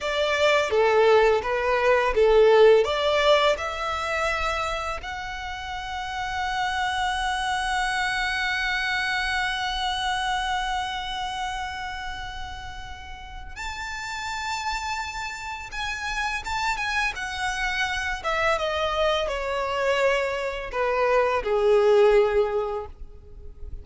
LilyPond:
\new Staff \with { instrumentName = "violin" } { \time 4/4 \tempo 4 = 84 d''4 a'4 b'4 a'4 | d''4 e''2 fis''4~ | fis''1~ | fis''1~ |
fis''2. a''4~ | a''2 gis''4 a''8 gis''8 | fis''4. e''8 dis''4 cis''4~ | cis''4 b'4 gis'2 | }